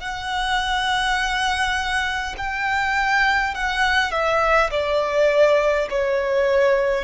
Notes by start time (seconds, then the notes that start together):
0.00 F#5
2.38 G5
3.54 F#5
4.11 E5
4.71 D5
5.90 C#5